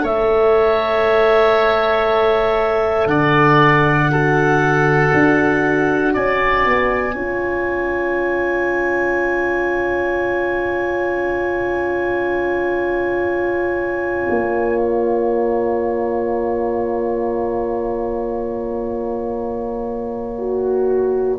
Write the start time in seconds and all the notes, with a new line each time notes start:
0.00 A3 A4 C#5 E5
3.06 D3 D5 F#5
4.10 F#4 A4
5.13 D4
6.13 C#4 D5 G#5
6.65 B3
7.14 C#4 F4 C#5
14.29 A#3
14.79 A#5
20.38 F#4